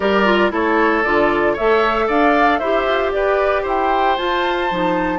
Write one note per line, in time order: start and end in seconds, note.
0.00 0.52 G3
0.00 0.25 G4
0.00 0.52 A#4
0.00 0.52 D5
0.25 0.50 F4
0.50 1.04 A3
0.50 1.02 E4
0.50 1.53 A4
0.50 1.03 C#5
1.03 1.57 D3
1.03 1.57 F4
1.03 1.55 D5
1.53 2.08 A3
1.53 2.62 A4
1.53 2.05 C#5
1.53 2.08 E5
2.07 2.60 D4
2.07 2.59 D5
2.07 2.58 F5
2.58 2.85 E4
2.58 4.18 G4
2.58 3.11 C5
2.58 3.11 E5
2.85 3.11 F4
3.11 3.65 G4
3.11 3.62 B4
3.11 3.64 D5
3.62 4.17 E4
3.62 5.19 C5
3.62 4.17 G5
4.17 4.70 F4
4.17 5.19 A5
4.70 5.19 F3
4.70 5.19 D#4